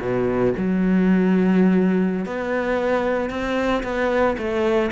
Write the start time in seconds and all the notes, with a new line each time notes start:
0.00 B2
0.57 F#3
2.25 B3
3.30 C4
3.83 B3
4.38 A3